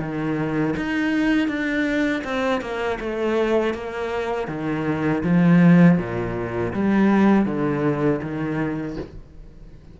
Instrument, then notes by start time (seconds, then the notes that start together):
cello
0.00 D#3
0.77 D#4
1.48 D4
2.24 C4
2.61 A#3
3.00 A3
3.74 A#3
4.48 D#3
5.23 F3
5.98 A#2
6.74 G3
7.46 D3
8.22 D#3